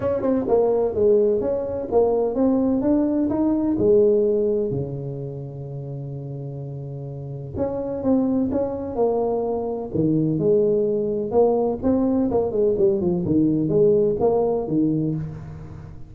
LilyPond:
\new Staff \with { instrumentName = "tuba" } { \time 4/4 \tempo 4 = 127 cis'8 c'8 ais4 gis4 cis'4 | ais4 c'4 d'4 dis'4 | gis2 cis2~ | cis1 |
cis'4 c'4 cis'4 ais4~ | ais4 dis4 gis2 | ais4 c'4 ais8 gis8 g8 f8 | dis4 gis4 ais4 dis4 | }